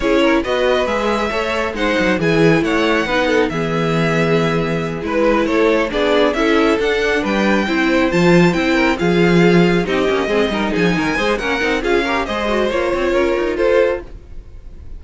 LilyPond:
<<
  \new Staff \with { instrumentName = "violin" } { \time 4/4 \tempo 4 = 137 cis''4 dis''4 e''2 | fis''4 gis''4 fis''2 | e''2.~ e''8 b'8~ | b'8 cis''4 d''4 e''4 fis''8~ |
fis''8 g''2 a''4 g''8~ | g''8 f''2 dis''4.~ | dis''8 gis''4. fis''4 f''4 | dis''4 cis''2 c''4 | }
  \new Staff \with { instrumentName = "violin" } { \time 4/4 gis'8 ais'8 b'2 cis''4 | c''4 gis'4 cis''4 b'8 a'8 | gis'2.~ gis'8 b'8~ | b'8 a'4 gis'4 a'4.~ |
a'8 b'4 c''2~ c''8 | ais'8 gis'2 g'4 gis'8 | ais'8 gis'8 ais'8 c''8 ais'4 gis'8 ais'8 | c''2 ais'4 a'4 | }
  \new Staff \with { instrumentName = "viola" } { \time 4/4 e'4 fis'4 gis'4 a'4 | dis'4 e'2 dis'4 | b2.~ b8 e'8~ | e'4. d'4 e'4 d'8~ |
d'4. e'4 f'4 e'8~ | e'8 f'2 dis'8 cis'8 c'8 | dis'4. gis'8 cis'8 dis'8 f'8 g'8 | gis'8 fis'8 f'2. | }
  \new Staff \with { instrumentName = "cello" } { \time 4/4 cis'4 b4 gis4 a4 | gis8 fis8 e4 a4 b4 | e2.~ e8 gis8~ | gis8 a4 b4 cis'4 d'8~ |
d'8 g4 c'4 f4 c'8~ | c'8 f2 c'8 ais8 gis8 | g8 f8 dis8 gis8 ais8 c'8 cis'4 | gis4 ais8 c'8 cis'8 dis'8 f'4 | }
>>